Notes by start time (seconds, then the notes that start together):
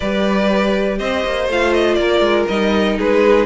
0.00 G3 G4 B4 D5
0.98 C4 C5 D#5
1.24 A#3
1.48 A3 F4 F5
1.73 D#5
1.94 A#3 A#4 D5
2.20 G#3
2.48 G3 D#4 D#5
2.97 G#3 G#4 B4